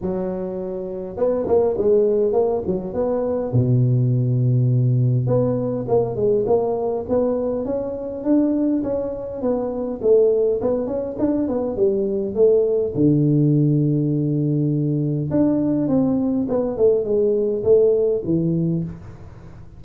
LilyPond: \new Staff \with { instrumentName = "tuba" } { \time 4/4 \tempo 4 = 102 fis2 b8 ais8 gis4 | ais8 fis8 b4 b,2~ | b,4 b4 ais8 gis8 ais4 | b4 cis'4 d'4 cis'4 |
b4 a4 b8 cis'8 d'8 b8 | g4 a4 d2~ | d2 d'4 c'4 | b8 a8 gis4 a4 e4 | }